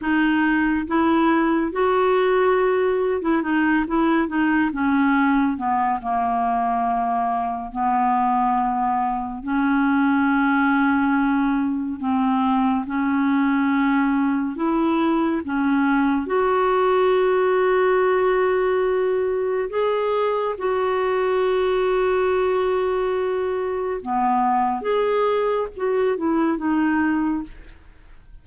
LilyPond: \new Staff \with { instrumentName = "clarinet" } { \time 4/4 \tempo 4 = 70 dis'4 e'4 fis'4.~ fis'16 e'16 | dis'8 e'8 dis'8 cis'4 b8 ais4~ | ais4 b2 cis'4~ | cis'2 c'4 cis'4~ |
cis'4 e'4 cis'4 fis'4~ | fis'2. gis'4 | fis'1 | b4 gis'4 fis'8 e'8 dis'4 | }